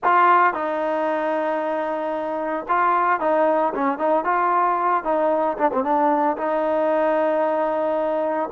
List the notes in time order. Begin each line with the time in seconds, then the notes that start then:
0.03 F4
0.53 D#4
2.68 F4
3.20 D#4
3.74 C#4
3.98 D#4
4.24 F4
5.04 D#4
5.58 D4
5.72 C4
5.83 D4
6.37 D#4